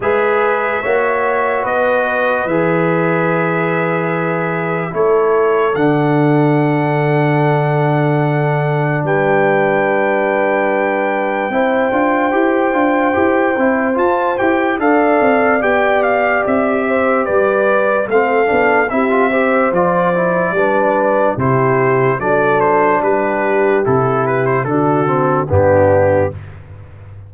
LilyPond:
<<
  \new Staff \with { instrumentName = "trumpet" } { \time 4/4 \tempo 4 = 73 e''2 dis''4 e''4~ | e''2 cis''4 fis''4~ | fis''2. g''4~ | g''1~ |
g''4 a''8 g''8 f''4 g''8 f''8 | e''4 d''4 f''4 e''4 | d''2 c''4 d''8 c''8 | b'4 a'8 b'16 c''16 a'4 g'4 | }
  \new Staff \with { instrumentName = "horn" } { \time 4/4 b'4 cis''4 b'2~ | b'2 a'2~ | a'2. b'4~ | b'2 c''2~ |
c''2 d''2~ | d''8 c''8 b'4 a'4 g'8 c''8~ | c''4 b'4 g'4 a'4 | g'2 fis'4 d'4 | }
  \new Staff \with { instrumentName = "trombone" } { \time 4/4 gis'4 fis'2 gis'4~ | gis'2 e'4 d'4~ | d'1~ | d'2 e'8 f'8 g'8 f'8 |
g'8 e'8 f'8 g'8 a'4 g'4~ | g'2 c'8 d'8 e'16 f'16 g'8 | f'8 e'8 d'4 e'4 d'4~ | d'4 e'4 d'8 c'8 b4 | }
  \new Staff \with { instrumentName = "tuba" } { \time 4/4 gis4 ais4 b4 e4~ | e2 a4 d4~ | d2. g4~ | g2 c'8 d'8 e'8 d'8 |
e'8 c'8 f'8 e'8 d'8 c'8 b4 | c'4 g4 a8 b8 c'4 | f4 g4 c4 fis4 | g4 c4 d4 g,4 | }
>>